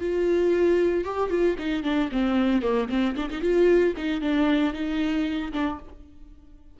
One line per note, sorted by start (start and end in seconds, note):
0.00 1.05 F4
1.05 1.30 G4
1.30 1.56 F4
1.58 1.83 D#4
1.83 2.10 D4
2.12 2.62 C4
2.62 2.89 A#3
2.89 3.15 C4
3.17 3.30 D4
3.30 3.41 D#4
3.41 3.94 F4
3.97 4.21 D#4
4.21 4.73 D4
4.73 5.52 D#4
5.53 5.79 D4